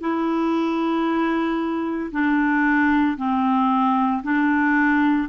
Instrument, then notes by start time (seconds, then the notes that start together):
clarinet
0.00 E4
2.11 D4
3.17 C4
4.23 D4